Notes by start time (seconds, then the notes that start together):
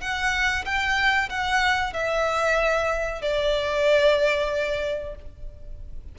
0.00 F#5
0.65 G5
1.29 F#5
1.93 E5
3.21 D5